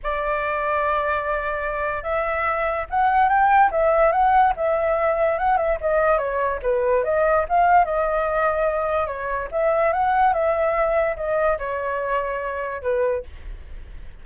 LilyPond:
\new Staff \with { instrumentName = "flute" } { \time 4/4 \tempo 4 = 145 d''1~ | d''4 e''2 fis''4 | g''4 e''4 fis''4 e''4~ | e''4 fis''8 e''8 dis''4 cis''4 |
b'4 dis''4 f''4 dis''4~ | dis''2 cis''4 e''4 | fis''4 e''2 dis''4 | cis''2. b'4 | }